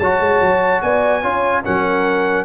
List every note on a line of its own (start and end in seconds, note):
0.00 0.20 F#3
0.00 1.23 F#4
0.00 0.82 C#5
0.00 0.82 A5
0.20 0.41 G#3
0.41 0.82 F#3
0.82 1.24 B3
0.82 1.22 D5
0.82 1.64 G#5
1.22 1.65 C#4
1.22 1.64 F4
1.22 1.63 C#5
1.65 2.45 F#3
1.65 2.45 C#4
1.65 2.45 A#4
1.65 2.45 F#5